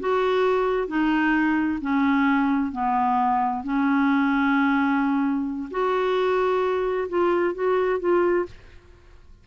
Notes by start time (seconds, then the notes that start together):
0.00 F#4
0.87 D#4
1.81 C#4
2.72 B3
3.63 C#4
5.71 F#4
7.09 F4
7.54 F#4
8.00 F4